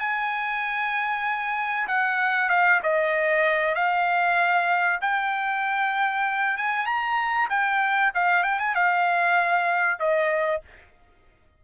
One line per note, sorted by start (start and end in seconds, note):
0.00 1.88 G#5
1.88 2.50 F#5
2.50 2.81 F5
2.83 3.75 D#5
3.75 5.00 F5
5.02 6.57 G5
6.57 6.86 G#5
6.86 7.49 A#5
7.50 8.12 G5
8.15 8.44 F5
8.44 8.59 G5
8.59 8.75 G#5
8.75 9.99 F5
9.99 10.62 D#5